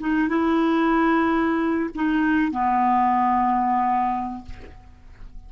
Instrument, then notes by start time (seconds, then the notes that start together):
clarinet
0.00 D#4
0.29 E4
1.95 D#4
2.52 B3